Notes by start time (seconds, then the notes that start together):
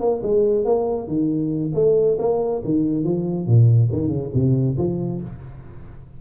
0.00 A#3
0.23 G#3
0.65 A#3
1.08 D#3
1.74 A3
2.19 A#3
2.64 D#3
3.04 F3
3.47 A#2
3.92 D#3
4.08 C#3
4.34 C3
4.78 F3